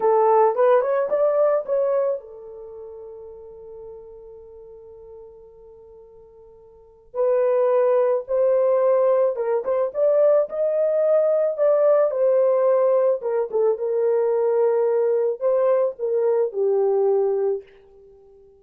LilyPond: \new Staff \with { instrumentName = "horn" } { \time 4/4 \tempo 4 = 109 a'4 b'8 cis''8 d''4 cis''4 | a'1~ | a'1~ | a'4 b'2 c''4~ |
c''4 ais'8 c''8 d''4 dis''4~ | dis''4 d''4 c''2 | ais'8 a'8 ais'2. | c''4 ais'4 g'2 | }